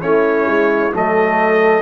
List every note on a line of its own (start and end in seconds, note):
0.00 0.45 A3
0.00 0.91 C#4
0.00 0.93 E4
0.00 0.92 C#5
0.45 0.91 G#3
0.91 1.82 F#3
0.91 1.82 A3
0.91 1.82 A4
0.91 1.82 D#5